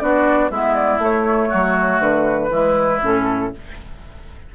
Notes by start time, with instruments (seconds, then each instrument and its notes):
0.00 bassoon B3, clarinet D4, oboe F#4, flute D5
0.50 bassoon G#3, clarinet B3, oboe E4, flute E5
0.75 flute D5
0.99 bassoon A3, clarinet A3, flute C#5
1.49 bassoon F#3, oboe F#4
2.00 bassoon D3, flute B4
2.50 bassoon E3, clarinet G#3, oboe E4
3.02 bassoon A2, clarinet C#4, flute A4